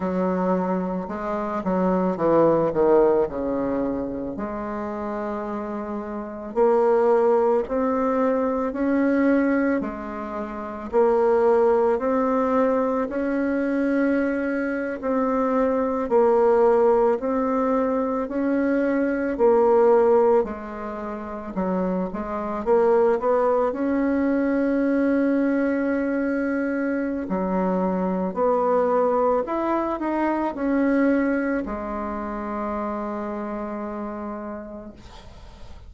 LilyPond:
\new Staff \with { instrumentName = "bassoon" } { \time 4/4 \tempo 4 = 55 fis4 gis8 fis8 e8 dis8 cis4 | gis2 ais4 c'4 | cis'4 gis4 ais4 c'4 | cis'4.~ cis'16 c'4 ais4 c'16~ |
c'8. cis'4 ais4 gis4 fis16~ | fis16 gis8 ais8 b8 cis'2~ cis'16~ | cis'4 fis4 b4 e'8 dis'8 | cis'4 gis2. | }